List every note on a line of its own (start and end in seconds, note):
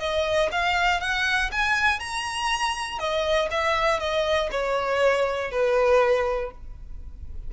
0.00 0.50 D#5
0.52 1.01 F5
1.01 1.51 F#5
1.52 2.00 G#5
2.00 2.99 A#5
2.99 3.49 D#5
3.51 4.00 E5
4.00 4.50 D#5
4.51 5.51 C#5
5.52 6.52 B4